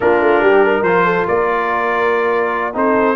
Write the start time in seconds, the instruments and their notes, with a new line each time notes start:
0.00 tuba A#3, trombone D4, horn F4, trumpet A#4
0.21 tuba A3
0.40 tuba G3, horn G4
0.63 horn A#4
0.82 tuba F3, trombone F4, trumpet C5
1.05 horn A4
1.26 tuba A#3, horn A#4, trumpet D5
2.73 tuba C4, trombone D#4, horn A4, trumpet C5